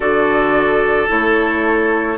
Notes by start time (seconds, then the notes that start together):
0.00 D3 F#4 A4 D5
1.08 A3 E4 C#5